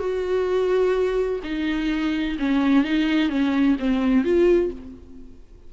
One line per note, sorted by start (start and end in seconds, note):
0.00 1.41 F#4
1.44 2.38 D#4
2.39 2.85 C#4
2.85 3.30 D#4
3.30 3.77 C#4
3.80 4.25 C4
4.25 4.72 F4